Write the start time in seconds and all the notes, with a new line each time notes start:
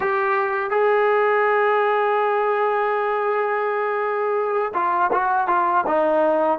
0.00 G4
0.70 G#4
4.74 F4
5.12 F#4
5.47 F4
5.87 D#4